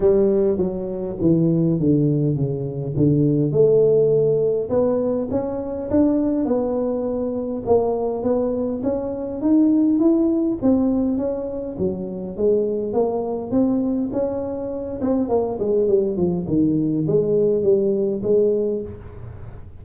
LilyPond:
\new Staff \with { instrumentName = "tuba" } { \time 4/4 \tempo 4 = 102 g4 fis4 e4 d4 | cis4 d4 a2 | b4 cis'4 d'4 b4~ | b4 ais4 b4 cis'4 |
dis'4 e'4 c'4 cis'4 | fis4 gis4 ais4 c'4 | cis'4. c'8 ais8 gis8 g8 f8 | dis4 gis4 g4 gis4 | }